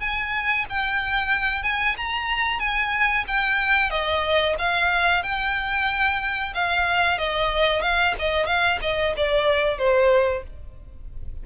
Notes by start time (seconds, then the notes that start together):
0.00 G#5
0.69 G5
1.63 G#5
1.97 A#5
2.60 G#5
3.28 G5
3.90 D#5
4.59 F5
5.23 G5
6.54 F5
7.18 D#5
7.82 F5
8.19 D#5
8.46 F5
8.81 D#5
9.17 D5
9.78 C5